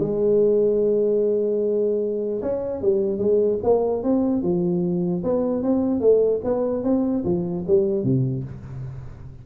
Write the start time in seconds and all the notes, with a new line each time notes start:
0.00 G#3
2.42 C#4
2.82 G3
3.19 G#3
3.63 A#3
4.03 C4
4.43 F3
5.24 B3
5.63 C4
6.01 A3
6.44 B3
6.84 C4
7.25 F3
7.68 G3
8.04 C3